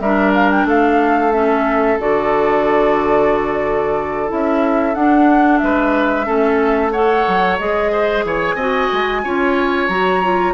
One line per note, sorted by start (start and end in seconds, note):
0.00 0.65 G3
0.00 1.33 D4
0.00 0.67 A#4
0.00 0.33 E5
0.34 0.51 F5
0.51 0.68 G5
0.65 1.97 A3
0.65 5.62 A4
0.65 1.33 F5
1.33 1.99 C#4
1.33 1.98 E5
1.99 4.31 D3
1.99 4.28 F#4
1.99 4.31 D5
4.28 4.95 C#4
4.28 4.94 E4
4.28 4.95 E5
4.95 5.61 D4
4.95 6.25 D4
4.95 5.58 F#5
5.58 6.28 G#3
5.58 6.26 B4
5.58 6.90 E5
6.25 7.27 A3
6.25 6.91 C#4
6.25 6.92 A4
6.92 7.60 A4
6.92 7.91 C#5
6.92 7.58 F#5
7.28 7.60 F#3
7.59 8.24 G#3
7.59 8.59 G#4
7.59 8.24 D#5
7.92 8.25 C5
8.24 8.55 E3
8.24 8.56 C#5
8.24 9.88 G#5
8.55 8.88 C4
8.55 9.24 F#4
8.55 9.22 D#5
8.93 9.24 G#3
9.24 9.89 C#4
9.24 9.90 F4
9.24 10.54 C#5
9.88 10.54 F#3
9.88 10.23 F#4
9.88 10.54 A#5
10.23 10.54 F4